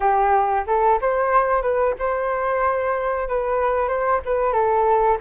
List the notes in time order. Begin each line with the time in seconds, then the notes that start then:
0.00 G4
0.66 A4
1.01 C5
1.61 B4
1.98 C5
3.28 B4
3.88 C5
4.25 B4
4.52 A4